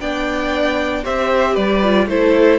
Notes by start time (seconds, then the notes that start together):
0.00 B3 D4 D5 G5
1.04 C4 G4 C5 E5
1.54 G3 B4 D5
1.83 F4
2.07 A3 E4 A4 C5